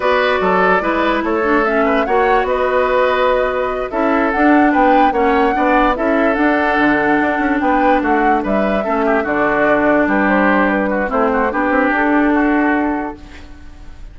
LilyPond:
<<
  \new Staff \with { instrumentName = "flute" } { \time 4/4 \tempo 4 = 146 d''2. cis''4 | e''4 fis''4 dis''2~ | dis''4. e''4 fis''4 g''8~ | g''8 fis''2 e''4 fis''8~ |
fis''2~ fis''8 g''4 fis''8~ | fis''8 e''2 d''4.~ | d''8 b'8 c''4 b'4 c''4 | b'4 a'2. | }
  \new Staff \with { instrumentName = "oboe" } { \time 4/4 b'4 a'4 b'4 a'4~ | a'8 b'8 cis''4 b'2~ | b'4. a'2 b'8~ | b'8 cis''4 d''4 a'4.~ |
a'2~ a'8 b'4 fis'8~ | fis'8 b'4 a'8 g'8 fis'4.~ | fis'8 g'2 fis'8 e'8 fis'8 | g'2 fis'2 | }
  \new Staff \with { instrumentName = "clarinet" } { \time 4/4 fis'2 e'4. d'8 | cis'4 fis'2.~ | fis'4. e'4 d'4.~ | d'8 cis'4 d'4 e'4 d'8~ |
d'1~ | d'4. cis'4 d'4.~ | d'2. c'4 | d'1 | }
  \new Staff \with { instrumentName = "bassoon" } { \time 4/4 b4 fis4 gis4 a4~ | a4 ais4 b2~ | b4. cis'4 d'4 b8~ | b8 ais4 b4 cis'4 d'8~ |
d'8 d4 d'8 cis'8 b4 a8~ | a8 g4 a4 d4.~ | d8 g2~ g8 a4 | b8 c'8 d'2. | }
>>